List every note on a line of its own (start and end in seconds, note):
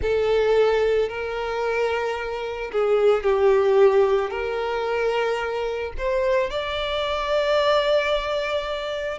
0.01 1.09 A4
1.09 2.71 A#4
2.72 3.23 G#4
3.23 4.30 G4
4.30 5.92 A#4
5.97 6.50 C5
6.50 9.18 D5